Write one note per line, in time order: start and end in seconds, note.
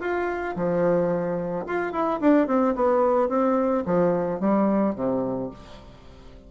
0.00 0.55 F4
0.56 1.66 F3
1.66 1.92 F4
1.92 2.20 E4
2.20 2.47 D4
2.47 2.74 C4
2.75 3.29 B3
3.29 3.84 C4
3.86 4.40 F3
4.40 4.95 G3
4.95 5.50 C3